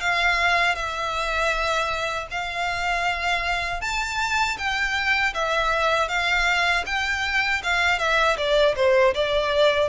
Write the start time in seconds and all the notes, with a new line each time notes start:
0.00 F5
0.75 E5
2.30 F5
3.81 A5
4.57 G5
5.33 E5
6.08 F5
6.86 G5
7.63 F5
7.99 E5
8.37 D5
8.76 C5
9.14 D5